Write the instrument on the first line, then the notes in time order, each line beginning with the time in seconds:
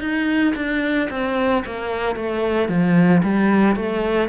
cello
0.00 D#4
0.55 D4
1.10 C4
1.66 A#3
2.15 A3
2.68 F3
3.23 G3
3.75 A3